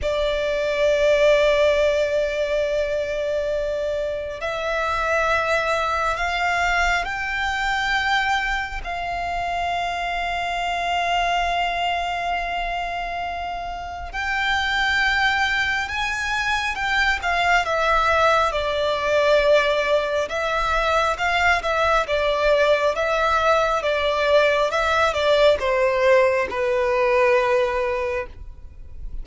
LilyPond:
\new Staff \with { instrumentName = "violin" } { \time 4/4 \tempo 4 = 68 d''1~ | d''4 e''2 f''4 | g''2 f''2~ | f''1 |
g''2 gis''4 g''8 f''8 | e''4 d''2 e''4 | f''8 e''8 d''4 e''4 d''4 | e''8 d''8 c''4 b'2 | }